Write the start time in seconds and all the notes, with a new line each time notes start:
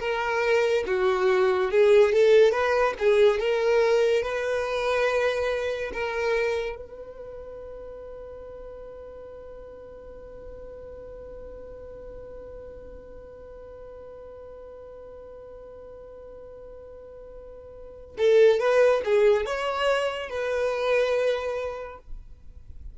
0.00 A#4
0.87 F#4
1.71 G#4
2.13 A4
2.52 B4
2.99 G#4
3.40 A#4
4.23 B4
5.93 A#4
6.76 B4
18.18 A4
18.60 B4
19.05 G#4
19.46 C#5
20.30 B4